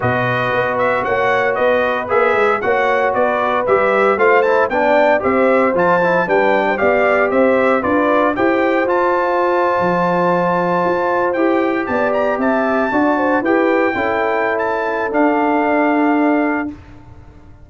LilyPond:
<<
  \new Staff \with { instrumentName = "trumpet" } { \time 4/4 \tempo 4 = 115 dis''4. e''8 fis''4 dis''4 | e''4 fis''4 d''4 e''4 | f''8 a''8 g''4 e''4 a''4 | g''4 f''4 e''4 d''4 |
g''4 a''2.~ | a''4.~ a''16 g''4 a''8 ais''8 a''16~ | a''4.~ a''16 g''2~ g''16 | a''4 f''2. | }
  \new Staff \with { instrumentName = "horn" } { \time 4/4 b'2 cis''4 b'4~ | b'4 cis''4 b'2 | c''4 d''4 c''2 | b'8. c''16 d''4 c''4 b'4 |
c''1~ | c''2~ c''8. d''4 e''16~ | e''8. d''8 c''8 b'4 a'4~ a'16~ | a'1 | }
  \new Staff \with { instrumentName = "trombone" } { \time 4/4 fis'1 | gis'4 fis'2 g'4 | f'8 e'8 d'4 g'4 f'8 e'8 | d'4 g'2 f'4 |
g'4 f'2.~ | f'4.~ f'16 g'2~ g'16~ | g'8. fis'4 g'4 e'4~ e'16~ | e'4 d'2. | }
  \new Staff \with { instrumentName = "tuba" } { \time 4/4 b,4 b4 ais4 b4 | ais8 gis8 ais4 b4 g4 | a4 b4 c'4 f4 | g4 b4 c'4 d'4 |
e'4 f'4.~ f'16 f4~ f16~ | f8. f'4 e'4 b4 c'16~ | c'8. d'4 e'4 cis'4~ cis'16~ | cis'4 d'2. | }
>>